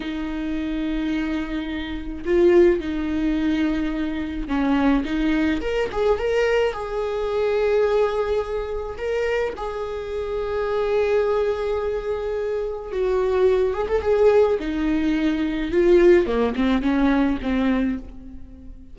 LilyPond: \new Staff \with { instrumentName = "viola" } { \time 4/4 \tempo 4 = 107 dis'1 | f'4 dis'2. | cis'4 dis'4 ais'8 gis'8 ais'4 | gis'1 |
ais'4 gis'2.~ | gis'2. fis'4~ | fis'8 gis'16 a'16 gis'4 dis'2 | f'4 ais8 c'8 cis'4 c'4 | }